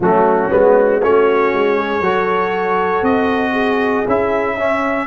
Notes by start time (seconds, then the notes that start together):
0.00 F#3 A3 C#4 F#4
0.50 G#3 B3
1.01 A3 C#4 F#4 C#5
1.53 G#3
1.76 G#4
2.00 F#3 F#4 A4
3.02 C4 D#5
3.52 G#4
4.07 C#4 E4 E5
4.56 C#4 E5